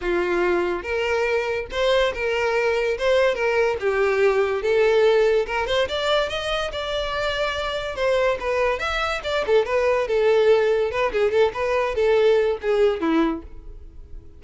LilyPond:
\new Staff \with { instrumentName = "violin" } { \time 4/4 \tempo 4 = 143 f'2 ais'2 | c''4 ais'2 c''4 | ais'4 g'2 a'4~ | a'4 ais'8 c''8 d''4 dis''4 |
d''2. c''4 | b'4 e''4 d''8 a'8 b'4 | a'2 b'8 gis'8 a'8 b'8~ | b'8 a'4. gis'4 e'4 | }